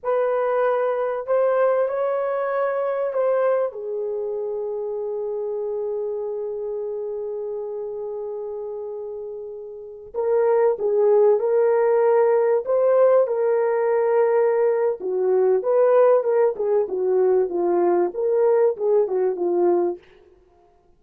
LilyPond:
\new Staff \with { instrumentName = "horn" } { \time 4/4 \tempo 4 = 96 b'2 c''4 cis''4~ | cis''4 c''4 gis'2~ | gis'1~ | gis'1~ |
gis'16 ais'4 gis'4 ais'4.~ ais'16~ | ais'16 c''4 ais'2~ ais'8. | fis'4 b'4 ais'8 gis'8 fis'4 | f'4 ais'4 gis'8 fis'8 f'4 | }